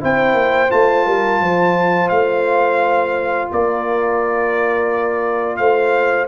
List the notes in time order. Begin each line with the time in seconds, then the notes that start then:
0.00 C4 E4 C5 G5
0.34 A#3
0.69 A3 F4 A5
1.06 G3 A#4
1.41 F3 C5
2.09 A3 F5
3.52 A#3 A#4 D5
5.57 A3 C5 F5